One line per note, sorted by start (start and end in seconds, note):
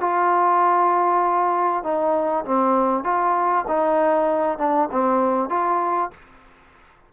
0.00 1.83 F4
1.83 2.44 D#4
2.45 3.03 C4
3.03 3.65 F4
3.67 4.58 D#4
4.58 4.89 D4
4.91 5.49 C4
5.49 6.10 F4